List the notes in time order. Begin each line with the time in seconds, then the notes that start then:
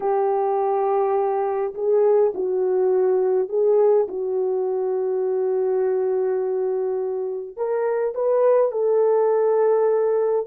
0.00 G4
1.74 G#4
2.34 F#4
3.48 G#4
4.08 F#4
7.56 A#4
8.14 B4
8.71 A4